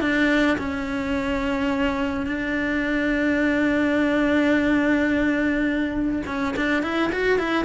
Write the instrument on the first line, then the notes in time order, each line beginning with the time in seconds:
cello
0.00 D4
0.57 C#4
2.26 D4
6.26 C#4
6.56 D4
6.83 E4
7.12 F#4
7.38 E4